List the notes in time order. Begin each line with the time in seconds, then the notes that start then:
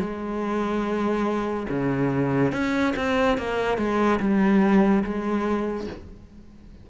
0.00 G#3
1.70 C#3
2.53 C#4
2.97 C4
3.38 A#3
3.78 G#3
4.20 G3
5.04 G#3